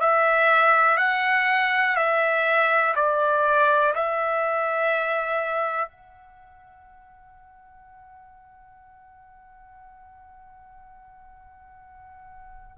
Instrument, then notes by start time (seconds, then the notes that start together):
trumpet
0.00 E5
0.97 F#5
1.96 E5
2.95 D5
3.95 E5
5.88 F#5